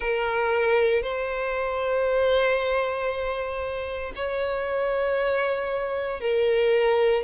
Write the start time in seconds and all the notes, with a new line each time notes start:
0.00 A#4
1.02 C5
4.15 C#5
6.20 A#4